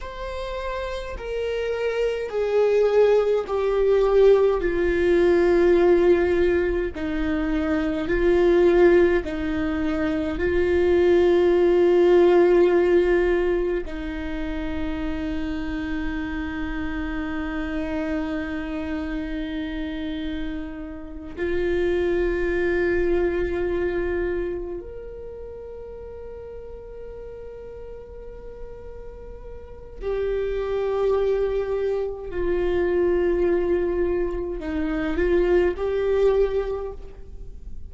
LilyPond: \new Staff \with { instrumentName = "viola" } { \time 4/4 \tempo 4 = 52 c''4 ais'4 gis'4 g'4 | f'2 dis'4 f'4 | dis'4 f'2. | dis'1~ |
dis'2~ dis'8 f'4.~ | f'4. ais'2~ ais'8~ | ais'2 g'2 | f'2 dis'8 f'8 g'4 | }